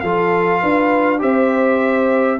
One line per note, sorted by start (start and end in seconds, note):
0.00 0.62 F3
0.00 1.19 F4
0.00 0.61 A4
0.00 1.19 F5
0.61 1.22 D4
0.61 1.20 B4
1.19 2.40 C4
1.19 2.37 G4
1.19 2.39 C5
1.19 2.40 E5